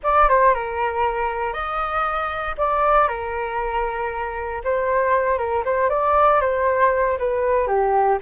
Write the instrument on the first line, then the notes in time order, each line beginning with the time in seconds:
flute
0.03 D5
0.28 C5
0.54 A#4
1.53 D#5
2.57 D5
3.08 A#4
4.64 C5
5.38 A#4
5.64 C5
5.89 D5
6.41 C5
7.18 B4
7.67 G4